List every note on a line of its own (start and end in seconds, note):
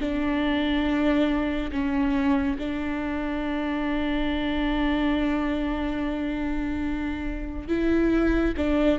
0.00 1.71 D4
1.72 2.58 C#4
2.59 7.69 D4
7.69 8.54 E4
8.58 9.00 D4